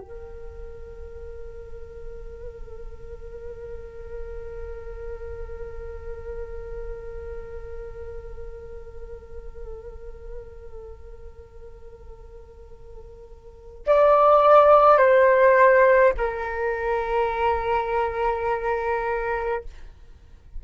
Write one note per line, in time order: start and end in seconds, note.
0.00 13.85 A#4
13.87 14.97 D5
14.97 16.13 C5
16.17 19.64 A#4